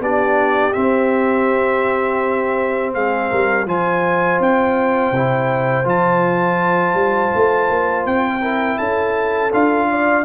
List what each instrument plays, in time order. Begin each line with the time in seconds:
0.00 tuba B3, trombone D4, horn G4, trumpet D5
0.73 trombone C4, tuba C4, trumpet E5
2.94 tuba G#3, horn G#4, trumpet F5
3.31 tuba G3, horn A#4
3.66 tuba F3, trombone F4, horn C5, trumpet G#5
4.40 tuba C4, trumpet G5
5.12 tuba C3, trombone E4
5.85 tuba F3, trombone F4, trumpet A5
6.94 tuba G3
7.35 tuba A3
7.70 tuba A#3
8.06 tuba C4, trumpet G5
8.41 trombone E4, horn A#4
8.78 tuba C#4, horn A4, trumpet A5
9.53 tuba D4, trombone F4, trumpet F5
9.90 horn D5